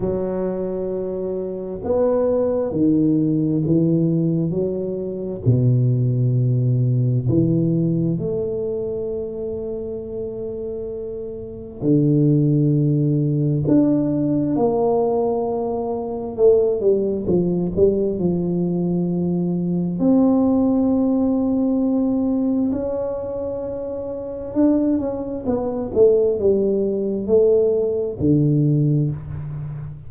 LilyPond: \new Staff \with { instrumentName = "tuba" } { \time 4/4 \tempo 4 = 66 fis2 b4 dis4 | e4 fis4 b,2 | e4 a2.~ | a4 d2 d'4 |
ais2 a8 g8 f8 g8 | f2 c'2~ | c'4 cis'2 d'8 cis'8 | b8 a8 g4 a4 d4 | }